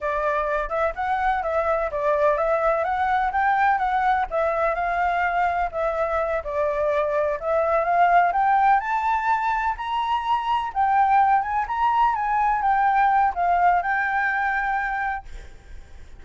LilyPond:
\new Staff \with { instrumentName = "flute" } { \time 4/4 \tempo 4 = 126 d''4. e''8 fis''4 e''4 | d''4 e''4 fis''4 g''4 | fis''4 e''4 f''2 | e''4. d''2 e''8~ |
e''8 f''4 g''4 a''4.~ | a''8 ais''2 g''4. | gis''8 ais''4 gis''4 g''4. | f''4 g''2. | }